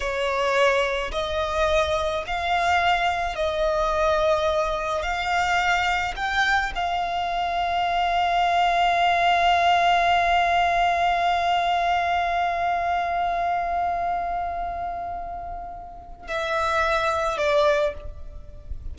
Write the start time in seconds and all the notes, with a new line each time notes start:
0.00 C#5
1.11 D#5
2.26 F5
3.35 D#5
5.02 F5
6.16 G5
6.75 F5
16.27 E5
17.37 D5